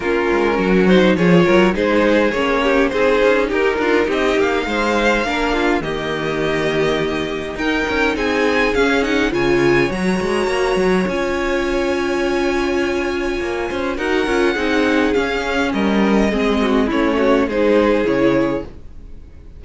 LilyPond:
<<
  \new Staff \with { instrumentName = "violin" } { \time 4/4 \tempo 4 = 103 ais'4. c''8 cis''4 c''4 | cis''4 c''4 ais'4 dis''8 f''8~ | f''2 dis''2~ | dis''4 g''4 gis''4 f''8 fis''8 |
gis''4 ais''2 gis''4~ | gis''1 | fis''2 f''4 dis''4~ | dis''4 cis''4 c''4 cis''4 | }
  \new Staff \with { instrumentName = "violin" } { \time 4/4 f'4 fis'4 gis'8 ais'8 gis'4~ | gis'8 g'8 gis'4 g'8 f'8 g'4 | c''4 ais'8 f'8 g'2~ | g'4 ais'4 gis'2 |
cis''1~ | cis''2.~ cis''8 c''8 | ais'4 gis'2 ais'4 | gis'8 fis'8 e'8 fis'8 gis'2 | }
  \new Staff \with { instrumentName = "viola" } { \time 4/4 cis'4. dis'8 f'4 dis'4 | cis'4 dis'2.~ | dis'4 d'4 ais2~ | ais4 dis'2 cis'8 dis'8 |
f'4 fis'2 f'4~ | f'1 | fis'8 f'8 dis'4 cis'2 | c'4 cis'4 dis'4 e'4 | }
  \new Staff \with { instrumentName = "cello" } { \time 4/4 ais8 gis8 fis4 f8 fis8 gis4 | ais4 c'8 cis'8 dis'8 d'8 c'8 ais8 | gis4 ais4 dis2~ | dis4 dis'8 cis'8 c'4 cis'4 |
cis4 fis8 gis8 ais8 fis8 cis'4~ | cis'2. ais8 cis'8 | dis'8 cis'8 c'4 cis'4 g4 | gis4 a4 gis4 cis4 | }
>>